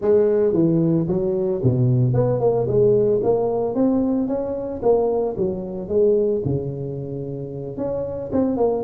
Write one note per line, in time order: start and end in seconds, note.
0.01 0.53 G#3
0.53 1.06 E3
1.07 1.61 F#3
1.63 2.13 B2
2.13 2.40 B3
2.40 2.66 A#3
2.67 3.21 G#3
3.23 3.74 A#3
3.74 4.27 C4
4.27 4.81 C#4
4.82 5.36 A#3
5.37 5.88 F#3
5.88 6.42 G#3
6.44 7.77 C#3
7.77 8.30 C#4
8.32 8.57 C4
8.57 8.83 A#3